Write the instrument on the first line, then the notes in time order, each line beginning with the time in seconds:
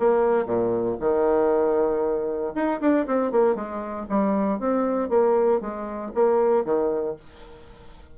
bassoon
0.00 A#3
0.46 A#2
1.00 D#3
2.55 D#4
2.81 D4
3.07 C4
3.32 A#3
3.55 G#3
4.10 G3
4.60 C4
5.10 A#3
5.61 G#3
6.15 A#3
6.65 D#3